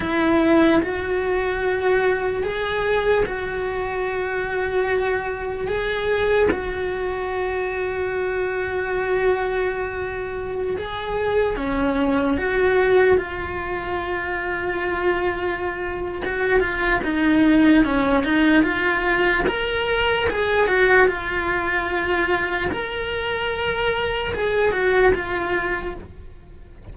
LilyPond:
\new Staff \with { instrumentName = "cello" } { \time 4/4 \tempo 4 = 74 e'4 fis'2 gis'4 | fis'2. gis'4 | fis'1~ | fis'4~ fis'16 gis'4 cis'4 fis'8.~ |
fis'16 f'2.~ f'8. | fis'8 f'8 dis'4 cis'8 dis'8 f'4 | ais'4 gis'8 fis'8 f'2 | ais'2 gis'8 fis'8 f'4 | }